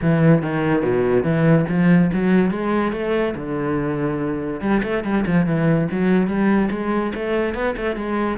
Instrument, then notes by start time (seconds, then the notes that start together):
cello
0.01 E3
0.42 D#3
0.82 B2
1.23 E3
1.69 F3
2.13 F#3
2.50 G#3
2.92 A3
3.35 D3
4.60 G3
4.83 A3
5.03 G3
5.26 F3
5.46 E3
5.91 F#3
6.27 G3
6.70 G#3
7.14 A3
7.54 B3
7.76 A3
7.95 G#3